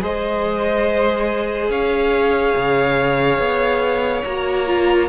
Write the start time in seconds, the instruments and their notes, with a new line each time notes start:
0.00 cello G#3, viola G#4, violin C5 D#5
1.69 cello C#4, violin C#5 F5
2.56 cello C#3
3.38 cello B3
4.24 cello A#3, viola F#4, violin A#5
4.67 viola F4